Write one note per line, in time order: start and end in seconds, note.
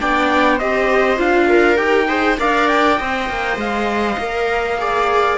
0.00 0.61 B3
0.00 0.60 D4
0.00 0.55 D5
0.00 0.59 G5
0.55 1.19 C4
0.55 1.17 G4
0.55 1.45 C5
0.55 1.19 D#5
1.17 1.78 D4
1.17 1.77 F4
1.17 1.77 F5
1.49 2.08 A#4
1.77 2.38 D#4
1.77 2.07 G4
1.77 2.37 G5
2.08 2.38 G#4
2.08 2.38 C5
2.39 3.00 D4
2.39 2.99 A#4
2.39 2.98 D5
2.39 2.68 F5
2.68 3.58 G5
2.98 3.29 C4
2.98 4.20 C5
2.98 4.78 D#5
3.29 3.56 A#3
3.56 4.17 G#3
3.56 5.38 F5
4.18 5.38 A#3
4.18 4.78 A#4
4.78 5.38 G#4
4.78 5.38 D5